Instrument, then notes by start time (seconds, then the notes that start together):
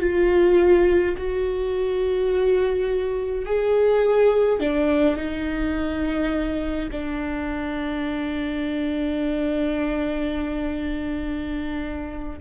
viola
0.00 F4
1.17 F#4
3.46 G#4
4.60 D4
5.17 D#4
6.91 D4